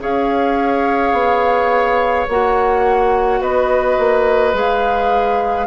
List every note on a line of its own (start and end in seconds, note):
0.00 1.13 C#4
0.00 2.26 G#4
0.00 3.41 C#5
0.00 2.28 F5
1.13 2.26 B3
2.29 3.41 A#3
2.29 4.54 F#4
2.29 3.42 F#5
3.41 3.97 B3
3.41 5.67 B4
3.41 4.56 D#5
3.99 4.54 A#3
4.54 5.67 G#3
4.54 5.67 G#4
4.54 5.67 F5